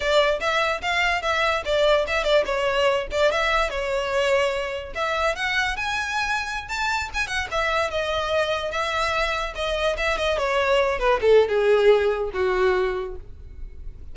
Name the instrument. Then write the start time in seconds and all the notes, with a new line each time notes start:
violin
0.00 D5
0.40 E5
0.81 F5
1.21 E5
1.65 D5
2.07 E5
2.24 D5
2.45 C#5
3.11 D5
3.31 E5
3.70 C#5
4.94 E5
5.35 F#5
5.76 G#5
6.68 A5
7.14 G#5
7.27 F#5
7.51 E5
7.90 D#5
8.71 E5
9.55 D#5
9.97 E5
10.17 D#5
10.38 C#5
10.99 B4
11.21 A4
11.48 G#4
12.33 F#4